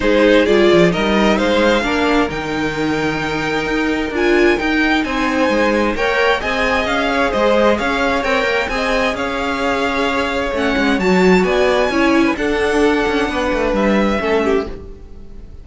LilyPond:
<<
  \new Staff \with { instrumentName = "violin" } { \time 4/4 \tempo 4 = 131 c''4 d''4 dis''4 f''4~ | f''4 g''2.~ | g''4 gis''4 g''4 gis''4~ | gis''4 g''4 gis''4 f''4 |
dis''4 f''4 g''4 gis''4 | f''2. fis''4 | a''4 gis''2 fis''4~ | fis''2 e''2 | }
  \new Staff \with { instrumentName = "violin" } { \time 4/4 gis'2 ais'4 c''4 | ais'1~ | ais'2. c''4~ | c''4 cis''4 dis''4. cis''8 |
c''4 cis''2 dis''4 | cis''1~ | cis''4 d''4 cis''8. b'16 a'4~ | a'4 b'2 a'8 g'8 | }
  \new Staff \with { instrumentName = "viola" } { \time 4/4 dis'4 f'4 dis'2 | d'4 dis'2.~ | dis'4 f'4 dis'2~ | dis'4 ais'4 gis'2~ |
gis'2 ais'4 gis'4~ | gis'2. cis'4 | fis'2 e'4 d'4~ | d'2. cis'4 | }
  \new Staff \with { instrumentName = "cello" } { \time 4/4 gis4 g8 f8 g4 gis4 | ais4 dis2. | dis'4 d'4 dis'4 c'4 | gis4 ais4 c'4 cis'4 |
gis4 cis'4 c'8 ais8 c'4 | cis'2. a8 gis8 | fis4 b4 cis'4 d'4~ | d'8 cis'8 b8 a8 g4 a4 | }
>>